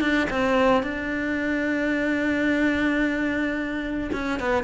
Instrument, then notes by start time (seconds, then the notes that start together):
cello
0.00 D4
0.30 C4
0.83 D4
4.12 C#4
4.39 B3